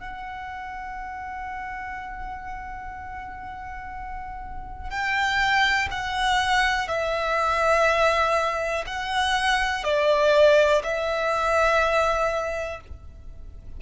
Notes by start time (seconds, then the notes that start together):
0.00 F#5
4.90 G5
5.91 F#5
6.88 E5
8.87 F#5
9.84 D5
10.84 E5